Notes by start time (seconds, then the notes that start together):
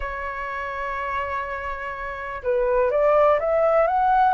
0.00 C#5
2.43 B4
2.90 D5
3.39 E5
3.87 F#5